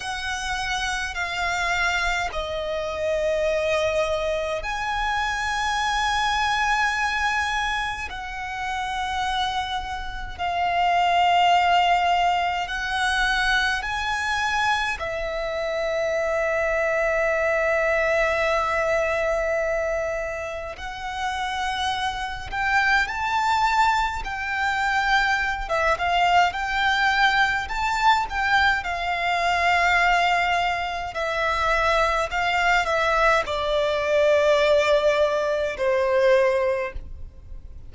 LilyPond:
\new Staff \with { instrumentName = "violin" } { \time 4/4 \tempo 4 = 52 fis''4 f''4 dis''2 | gis''2. fis''4~ | fis''4 f''2 fis''4 | gis''4 e''2.~ |
e''2 fis''4. g''8 | a''4 g''4~ g''16 e''16 f''8 g''4 | a''8 g''8 f''2 e''4 | f''8 e''8 d''2 c''4 | }